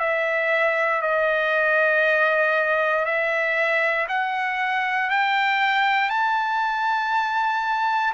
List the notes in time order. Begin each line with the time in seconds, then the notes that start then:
0.00 E5
1.02 D#5
3.06 E5
4.09 F#5
5.10 G5
6.10 A5